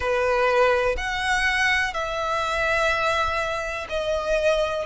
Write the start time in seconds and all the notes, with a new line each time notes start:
0.00 B4
0.97 F#5
1.93 E5
3.89 D#5